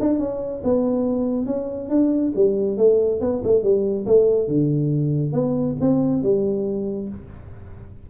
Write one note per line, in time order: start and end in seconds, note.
0.00 0.19 D4
0.19 0.62 C#4
0.64 1.46 B3
1.46 1.89 C#4
1.89 2.33 D4
2.36 2.77 G3
2.77 3.21 A3
3.21 3.42 B3
3.44 3.63 A3
3.63 4.06 G3
4.06 4.48 A3
4.48 5.33 D3
5.33 5.76 B3
5.81 6.22 C4
6.22 7.09 G3